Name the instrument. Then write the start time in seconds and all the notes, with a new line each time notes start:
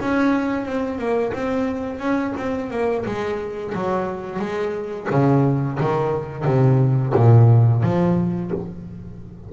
double bass
0.00 C#4
0.66 C4
0.98 A#3
1.33 C4
1.99 C#4
2.37 C4
2.71 A#3
3.06 G#3
3.74 F#3
4.39 G#3
5.10 C#3
5.80 D#3
6.45 C3
7.15 A#2
7.83 F3